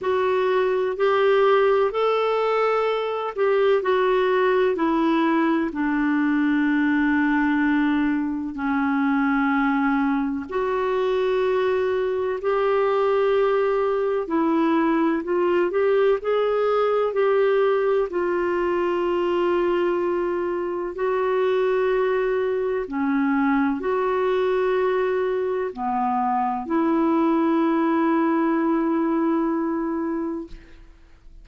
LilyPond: \new Staff \with { instrumentName = "clarinet" } { \time 4/4 \tempo 4 = 63 fis'4 g'4 a'4. g'8 | fis'4 e'4 d'2~ | d'4 cis'2 fis'4~ | fis'4 g'2 e'4 |
f'8 g'8 gis'4 g'4 f'4~ | f'2 fis'2 | cis'4 fis'2 b4 | e'1 | }